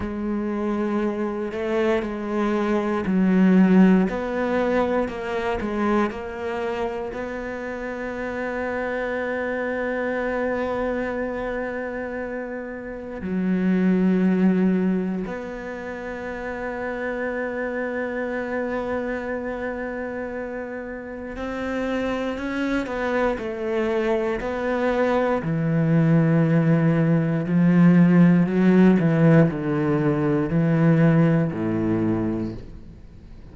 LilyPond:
\new Staff \with { instrumentName = "cello" } { \time 4/4 \tempo 4 = 59 gis4. a8 gis4 fis4 | b4 ais8 gis8 ais4 b4~ | b1~ | b4 fis2 b4~ |
b1~ | b4 c'4 cis'8 b8 a4 | b4 e2 f4 | fis8 e8 d4 e4 a,4 | }